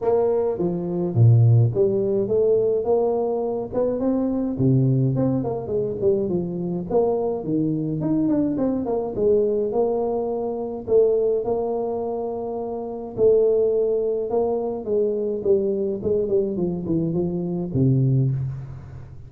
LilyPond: \new Staff \with { instrumentName = "tuba" } { \time 4/4 \tempo 4 = 105 ais4 f4 ais,4 g4 | a4 ais4. b8 c'4 | c4 c'8 ais8 gis8 g8 f4 | ais4 dis4 dis'8 d'8 c'8 ais8 |
gis4 ais2 a4 | ais2. a4~ | a4 ais4 gis4 g4 | gis8 g8 f8 e8 f4 c4 | }